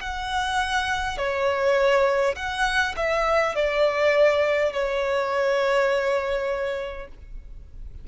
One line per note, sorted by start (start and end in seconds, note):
0.00 1.18 F#5
1.18 2.35 C#5
2.36 2.95 F#5
2.96 3.55 E5
3.55 4.73 D5
4.73 7.08 C#5